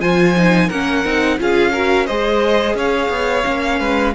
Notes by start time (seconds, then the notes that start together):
0.00 F3 F4 C5 G#5
0.36 D#4
0.67 A#3 C#4 A#4 F#5
1.04 C4 D#4
1.38 C#4 F4 G#4 F5
1.72 F#4 A#4
2.06 G#3 G#4 C5 D#5
2.74 C#4 C#5 F5
3.09 B3
3.44 A#3 C#4
3.79 G#3 B4